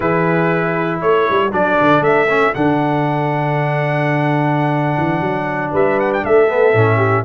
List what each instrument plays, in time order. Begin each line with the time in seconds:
0.00 tuba E3, trombone E4, horn G#4, trumpet B4
1.01 tuba A3, horn A4, trumpet C#5
1.29 tuba G3
1.51 tuba F#3, trombone D4, trumpet D5
1.80 tuba D3
2.00 tuba A3, trumpet E5
2.28 trombone C#4
2.54 tuba D3, trombone D4, trumpet F#5
4.97 tuba E3
5.20 tuba F#3
5.71 tuba G3, horn B4, trumpet E5
5.99 trumpet F#5
6.13 trumpet G5
6.23 tuba A3, horn A4, trumpet E5
6.48 trombone B3
6.73 tuba A2, trombone C#4
6.97 horn G4